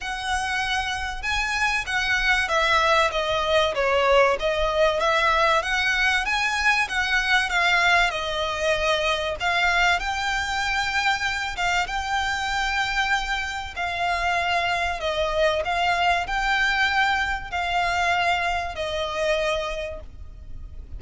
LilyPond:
\new Staff \with { instrumentName = "violin" } { \time 4/4 \tempo 4 = 96 fis''2 gis''4 fis''4 | e''4 dis''4 cis''4 dis''4 | e''4 fis''4 gis''4 fis''4 | f''4 dis''2 f''4 |
g''2~ g''8 f''8 g''4~ | g''2 f''2 | dis''4 f''4 g''2 | f''2 dis''2 | }